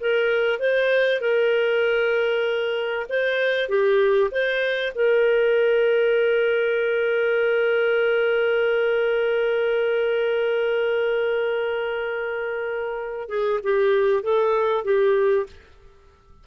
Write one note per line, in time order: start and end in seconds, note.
0.00 0.59 A#4
0.59 1.21 C5
1.21 3.06 A#4
3.09 3.69 C5
3.69 4.31 G4
4.31 4.93 C5
4.95 13.29 A#4
13.29 13.60 G#4
13.63 14.23 G4
14.23 14.85 A4
14.85 15.46 G4